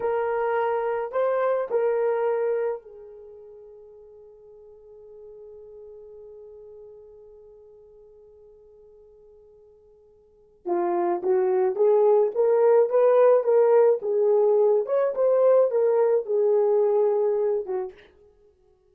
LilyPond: \new Staff \with { instrumentName = "horn" } { \time 4/4 \tempo 4 = 107 ais'2 c''4 ais'4~ | ais'4 gis'2.~ | gis'1~ | gis'1~ |
gis'2. f'4 | fis'4 gis'4 ais'4 b'4 | ais'4 gis'4. cis''8 c''4 | ais'4 gis'2~ gis'8 fis'8 | }